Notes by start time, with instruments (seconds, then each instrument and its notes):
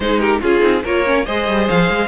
0.00 cello G#3, viola D#4, violin G#4 C5
0.19 violin G4 A#4
0.41 cello C#4, violin F4 G#4, viola F4
0.59 cello C4, viola D#4
0.83 cello A#3, viola F4, violin A#4 C#5
1.05 viola C#4
1.25 cello G#3, viola G#4, violin C5 D#5
1.48 cello G3
1.68 cello F3, violin F5
1.89 cello G#3